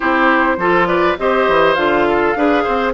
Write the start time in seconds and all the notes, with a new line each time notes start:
0.00 C4 E4 G4 C5
0.57 F3 F4 A4
0.87 B4 D5
1.18 C4 G4 C5 D#5
1.48 E3
1.74 D3 F4 F5
2.08 A4
2.35 D4 G#4 B4
2.63 C4 C5